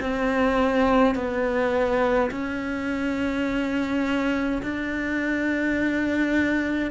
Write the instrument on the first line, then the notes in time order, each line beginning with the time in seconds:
cello
0.00 C4
1.14 B3
2.31 C#4
4.62 D4